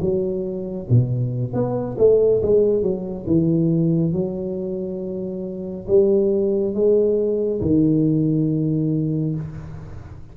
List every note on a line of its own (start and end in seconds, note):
0.00 0.87 F#3
0.89 1.53 B2
1.53 1.96 B3
1.98 2.42 A3
2.42 2.82 G#3
2.82 3.26 F#3
3.26 4.12 E3
4.12 5.86 F#3
5.87 6.74 G3
6.74 7.61 G#3
7.61 9.35 D#3